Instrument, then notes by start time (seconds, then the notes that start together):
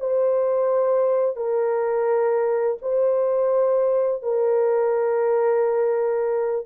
horn
0.00 C5
1.36 A#4
2.82 C5
4.23 A#4